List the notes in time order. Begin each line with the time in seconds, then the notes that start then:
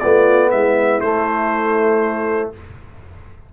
0.00 A3 B3 F4 D5
0.51 G#3 E4 E5
1.01 A3 C5